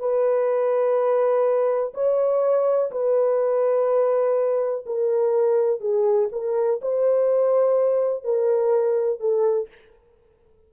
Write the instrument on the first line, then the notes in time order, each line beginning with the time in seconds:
horn
0.00 B4
1.94 C#5
2.92 B4
4.87 A#4
5.81 G#4
6.33 A#4
6.82 C5
8.24 A#4
9.21 A4